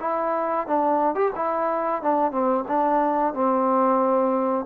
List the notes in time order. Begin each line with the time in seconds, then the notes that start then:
0.00 E4
0.66 D4
1.15 G4
1.35 E4
2.02 D4
2.31 C4
2.67 D4
3.34 C4